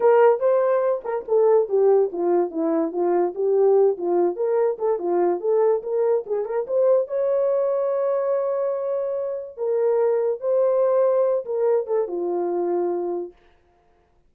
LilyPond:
\new Staff \with { instrumentName = "horn" } { \time 4/4 \tempo 4 = 144 ais'4 c''4. ais'8 a'4 | g'4 f'4 e'4 f'4 | g'4. f'4 ais'4 a'8 | f'4 a'4 ais'4 gis'8 ais'8 |
c''4 cis''2.~ | cis''2. ais'4~ | ais'4 c''2~ c''8 ais'8~ | ais'8 a'8 f'2. | }